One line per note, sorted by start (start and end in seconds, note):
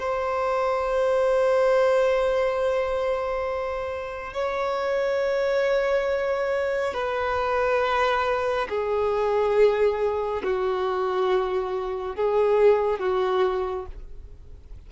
0.00 4.34 C5
4.34 6.94 C#5
6.94 8.68 B4
8.69 10.43 G#4
10.44 12.16 F#4
12.16 13.00 G#4
13.00 13.87 F#4